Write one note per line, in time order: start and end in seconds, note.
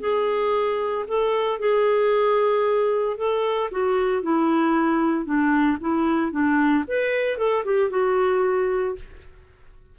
0.00 1.05 G#4
1.08 1.59 A4
1.59 3.17 G#4
3.17 3.70 A4
3.71 4.22 F#4
4.22 5.25 E4
5.25 5.78 D4
5.81 6.32 E4
6.32 6.84 D4
6.88 7.38 B4
7.38 7.64 A4
7.65 7.90 G4
7.90 8.95 F#4